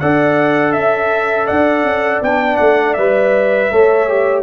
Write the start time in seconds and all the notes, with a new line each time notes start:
0.00 D4 A4 D5 F#5
0.73 C#4 E5
1.47 D4 D5 F#5
1.84 C#4
2.22 B3 D4 G5
2.57 A3 F#5
2.94 G3 B4 E5
3.72 A3 A4 C#5
4.09 G4